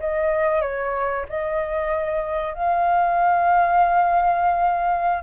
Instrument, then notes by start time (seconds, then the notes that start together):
flute
0.00 D#5
0.61 C#5
1.29 D#5
2.54 F5